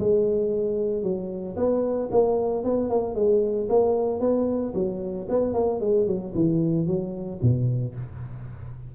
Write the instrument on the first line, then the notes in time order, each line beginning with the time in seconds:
tuba
0.00 G#3
1.03 F#3
1.57 B3
2.12 A#3
2.65 B3
2.90 A#3
3.15 G#3
3.70 A#3
4.20 B3
4.74 F#3
5.30 B3
5.54 A#3
5.81 G#3
6.07 F#3
6.35 E3
6.87 F#3
7.42 B2